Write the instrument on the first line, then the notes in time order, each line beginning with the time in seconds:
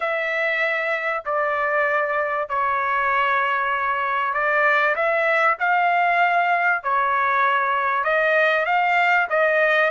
trumpet
0.00 E5
1.25 D5
2.49 C#5
4.33 D5
4.95 E5
5.59 F5
6.83 C#5
8.04 D#5
8.65 F5
9.30 D#5